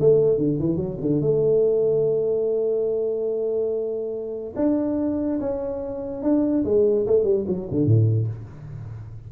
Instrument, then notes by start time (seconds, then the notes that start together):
tuba
0.00 A3
0.37 D3
0.59 E3
0.76 F#3
1.01 D3
1.21 A3
4.56 D4
5.40 C#4
6.22 D4
6.64 G#3
7.06 A3
7.23 G3
7.47 F#3
7.71 D3
7.86 A2